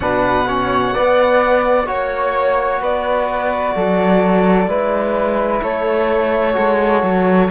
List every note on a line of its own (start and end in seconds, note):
0.00 0.95 B2
0.00 0.46 D4
0.00 0.47 B4
0.00 1.88 F#5
0.46 0.93 C#4
0.46 0.93 C#5
0.93 1.86 B3
0.93 1.88 B3
0.93 1.86 D5
1.86 2.81 A#3
1.86 4.67 F#4
1.86 2.79 C#5
1.86 2.82 C#5
2.80 3.75 B3
2.80 3.74 B4
2.80 5.62 D5
3.75 4.67 F#3
3.75 4.68 A4
4.67 5.60 G#3
4.67 6.53 E4
4.67 5.62 B4
5.62 6.56 A3
5.62 7.50 A4
5.62 7.50 C#5
6.53 7.02 G#3
6.53 7.47 F#4
7.02 7.49 F#3